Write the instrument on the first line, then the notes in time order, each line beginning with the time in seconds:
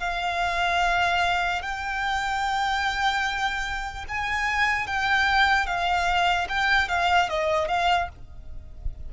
violin
0.00 F5
1.62 G5
4.09 G#5
4.87 G5
5.66 F5
6.49 G5
6.89 F5
7.29 D#5
7.68 F5